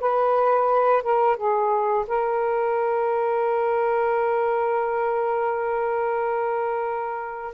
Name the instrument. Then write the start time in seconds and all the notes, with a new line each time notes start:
saxophone
0.00 B4
1.03 A#4
1.37 G#4
2.07 A#4